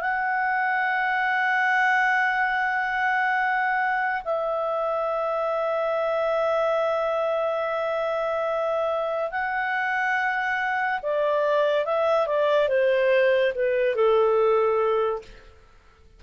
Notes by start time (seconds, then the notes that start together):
0.00 F#5
4.24 E5
9.31 F#5
11.02 D5
11.85 E5
12.27 D5
12.68 C5
13.54 B4
13.95 A4